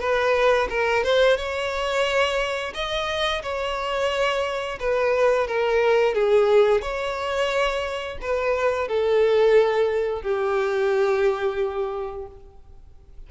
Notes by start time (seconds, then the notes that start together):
0.00 B4
0.69 A#4
1.04 C5
1.37 C#5
2.74 D#5
3.42 C#5
4.80 B4
5.47 A#4
6.15 G#4
6.82 C#5
8.21 B4
8.88 A4
10.22 G4